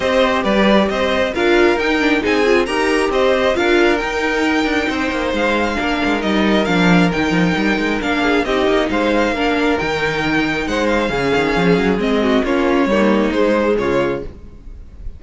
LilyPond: <<
  \new Staff \with { instrumentName = "violin" } { \time 4/4 \tempo 4 = 135 dis''4 d''4 dis''4 f''4 | g''4 gis''4 ais''4 dis''4 | f''4 g''2. | f''2 dis''4 f''4 |
g''2 f''4 dis''4 | f''2 g''2 | fis''8 f''2~ f''8 dis''4 | cis''2 c''4 cis''4 | }
  \new Staff \with { instrumentName = "violin" } { \time 4/4 c''4 b'4 c''4 ais'4~ | ais'4 gis'4 ais'4 c''4 | ais'2. c''4~ | c''4 ais'2.~ |
ais'2~ ais'8 gis'8 g'4 | c''4 ais'2. | c''4 gis'2~ gis'8 fis'8 | f'4 dis'2 f'4 | }
  \new Staff \with { instrumentName = "viola" } { \time 4/4 g'2. f'4 | dis'8 d'8 dis'8 f'8 g'2 | f'4 dis'2.~ | dis'4 d'4 dis'4 d'4 |
dis'2 d'4 dis'4~ | dis'4 d'4 dis'2~ | dis'4 cis'2 c'4 | cis'4 ais4 gis2 | }
  \new Staff \with { instrumentName = "cello" } { \time 4/4 c'4 g4 c'4 d'4 | dis'4 c'4 dis'4 c'4 | d'4 dis'4. d'8 c'8 ais8 | gis4 ais8 gis8 g4 f4 |
dis8 f8 g8 gis8 ais4 c'8 ais8 | gis4 ais4 dis2 | gis4 cis8 dis8 f8 fis8 gis4 | ais4 g4 gis4 cis4 | }
>>